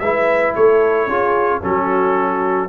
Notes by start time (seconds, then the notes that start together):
0.00 G#3 E4 B4 E5
0.56 A3 A4 C#5
1.07 C#4 F4 G#4
1.62 F#3 C#4 F#4 A4